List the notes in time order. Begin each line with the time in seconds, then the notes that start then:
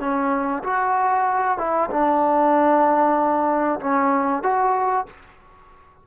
0.00 C#4
0.63 F#4
1.58 E4
1.90 D4
3.80 C#4
4.43 F#4